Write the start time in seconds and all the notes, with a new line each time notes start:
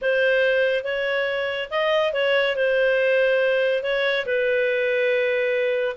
0.01 C5
0.84 C#5
1.70 D#5
2.13 C#5
2.56 C5
3.83 C#5
4.26 B4